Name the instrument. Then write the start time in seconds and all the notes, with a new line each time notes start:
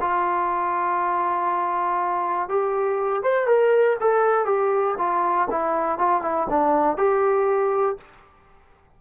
trombone
0.00 F4
2.48 G4
3.23 C5
3.47 A#4
4.00 A4
4.45 G4
4.98 F4
5.50 E4
5.98 F4
6.22 E4
6.49 D4
6.97 G4